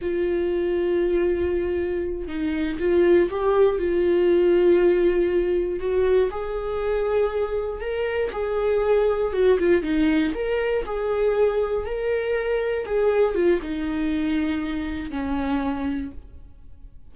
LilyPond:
\new Staff \with { instrumentName = "viola" } { \time 4/4 \tempo 4 = 119 f'1~ | f'8 dis'4 f'4 g'4 f'8~ | f'2.~ f'8 fis'8~ | fis'8 gis'2. ais'8~ |
ais'8 gis'2 fis'8 f'8 dis'8~ | dis'8 ais'4 gis'2 ais'8~ | ais'4. gis'4 f'8 dis'4~ | dis'2 cis'2 | }